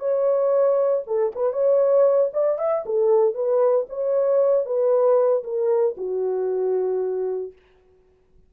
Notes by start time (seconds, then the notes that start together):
0.00 C#5
1.07 A4
1.35 B4
1.53 C#5
2.33 D5
2.59 E5
2.86 A4
3.35 B4
3.90 C#5
4.66 B4
5.44 A#4
5.97 F#4